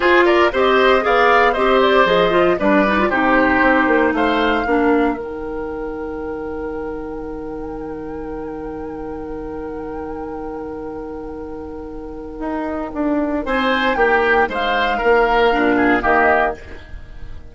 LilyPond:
<<
  \new Staff \with { instrumentName = "flute" } { \time 4/4 \tempo 4 = 116 c''8 d''8 dis''4 f''4 dis''8 d''8 | dis''4 d''4 c''2 | f''2 g''2~ | g''1~ |
g''1~ | g''1~ | g''2 gis''4 g''4 | f''2. dis''4 | }
  \new Staff \with { instrumentName = "oboe" } { \time 4/4 gis'8 ais'8 c''4 d''4 c''4~ | c''4 b'4 g'2 | c''4 ais'2.~ | ais'1~ |
ais'1~ | ais'1~ | ais'2 c''4 g'4 | c''4 ais'4. gis'8 g'4 | }
  \new Staff \with { instrumentName = "clarinet" } { \time 4/4 f'4 g'4 gis'4 g'4 | gis'8 f'8 d'8 dis'16 f'16 dis'2~ | dis'4 d'4 dis'2~ | dis'1~ |
dis'1~ | dis'1~ | dis'1~ | dis'2 d'4 ais4 | }
  \new Staff \with { instrumentName = "bassoon" } { \time 4/4 f'4 c'4 b4 c'4 | f4 g4 c4 c'8 ais8 | a4 ais4 dis2~ | dis1~ |
dis1~ | dis1 | dis'4 d'4 c'4 ais4 | gis4 ais4 ais,4 dis4 | }
>>